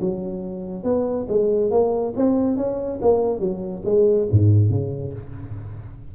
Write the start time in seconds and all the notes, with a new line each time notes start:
0.00 F#3
0.83 B3
1.28 G#3
1.71 A#3
2.16 C4
2.57 C#4
3.01 A#3
3.39 F#3
3.85 G#3
4.31 G#2
4.70 C#3